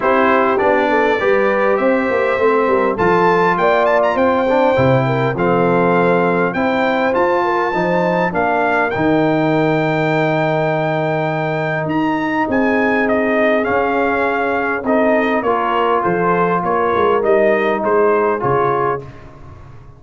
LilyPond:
<<
  \new Staff \with { instrumentName = "trumpet" } { \time 4/4 \tempo 4 = 101 c''4 d''2 e''4~ | e''4 a''4 g''8 a''16 ais''16 g''4~ | g''4 f''2 g''4 | a''2 f''4 g''4~ |
g''1 | ais''4 gis''4 dis''4 f''4~ | f''4 dis''4 cis''4 c''4 | cis''4 dis''4 c''4 cis''4 | }
  \new Staff \with { instrumentName = "horn" } { \time 4/4 g'4. a'8 b'4 c''4~ | c''8 ais'8 a'4 d''4 c''4~ | c''8 ais'8 a'2 c''4~ | c''8 ais'8 c''4 ais'2~ |
ais'1~ | ais'4 gis'2.~ | gis'4 a'4 ais'4 a'4 | ais'2 gis'2 | }
  \new Staff \with { instrumentName = "trombone" } { \time 4/4 e'4 d'4 g'2 | c'4 f'2~ f'8 d'8 | e'4 c'2 e'4 | f'4 dis'4 d'4 dis'4~ |
dis'1~ | dis'2. cis'4~ | cis'4 dis'4 f'2~ | f'4 dis'2 f'4 | }
  \new Staff \with { instrumentName = "tuba" } { \time 4/4 c'4 b4 g4 c'8 ais8 | a8 g8 f4 ais4 c'4 | c4 f2 c'4 | f'4 f4 ais4 dis4~ |
dis1 | dis'4 c'2 cis'4~ | cis'4 c'4 ais4 f4 | ais8 gis8 g4 gis4 cis4 | }
>>